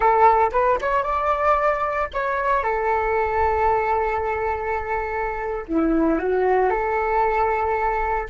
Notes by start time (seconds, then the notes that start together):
0.00 A4
0.52 B4
0.81 C#5
1.03 D5
2.13 C#5
2.63 A4
5.68 E4
6.18 F#4
6.70 A4